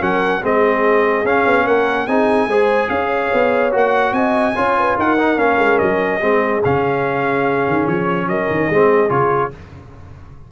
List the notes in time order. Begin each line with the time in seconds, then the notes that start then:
0.00 F#3 C#4 A#4 F#5
0.42 G#3 C4 G#4 D#5
1.25 C#4 F5
1.46 B3
1.66 A#3 A#4 F#5
2.07 C4 D#4 G#4 G#5
2.47 G#3 G#4 C5
2.89 C#4 C#5 F5
3.34 B3
3.72 A#3 F#4 F#5
4.12 C4 D#5 G#5
4.56 C#4 F4 C#5
4.78 B4
4.97 D#4 A#4 F#5
5.18 D#4
5.37 A#3 C#4 F5
5.58 G#3
5.79 F#3 D#5
6.21 G#3 C4 G#4
6.65 C#3 C#4 F5
7.68 D#3
7.87 F3 C#5
8.27 F#3 A#4 D#5
8.51 D#3
8.69 G#3 C4 G#4
9.09 C#3 F4 C#5